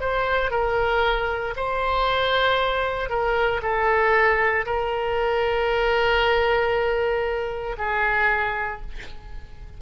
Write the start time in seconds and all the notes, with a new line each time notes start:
0.00 C5
0.51 A#4
1.56 C5
3.09 A#4
3.62 A4
4.66 A#4
7.78 G#4